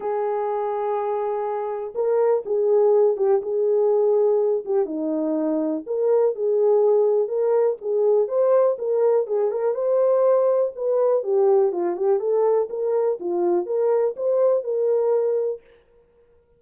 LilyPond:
\new Staff \with { instrumentName = "horn" } { \time 4/4 \tempo 4 = 123 gis'1 | ais'4 gis'4. g'8 gis'4~ | gis'4. g'8 dis'2 | ais'4 gis'2 ais'4 |
gis'4 c''4 ais'4 gis'8 ais'8 | c''2 b'4 g'4 | f'8 g'8 a'4 ais'4 f'4 | ais'4 c''4 ais'2 | }